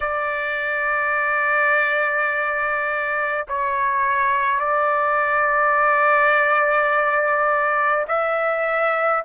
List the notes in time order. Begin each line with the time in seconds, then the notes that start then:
0.00 D5
3.48 C#5
4.59 D5
8.08 E5